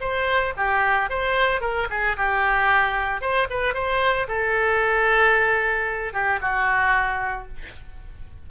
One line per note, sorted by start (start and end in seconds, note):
0.00 0.53 C5
0.56 1.09 G4
1.09 1.61 C5
1.61 1.87 A#4
1.90 2.16 G#4
2.16 3.21 G4
3.21 3.47 C5
3.50 3.74 B4
3.74 4.27 C5
4.28 6.13 A4
6.13 6.40 G4
6.41 7.47 F#4